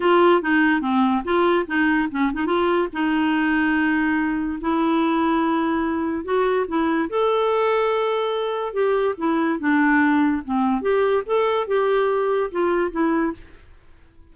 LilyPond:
\new Staff \with { instrumentName = "clarinet" } { \time 4/4 \tempo 4 = 144 f'4 dis'4 c'4 f'4 | dis'4 cis'8 dis'8 f'4 dis'4~ | dis'2. e'4~ | e'2. fis'4 |
e'4 a'2.~ | a'4 g'4 e'4 d'4~ | d'4 c'4 g'4 a'4 | g'2 f'4 e'4 | }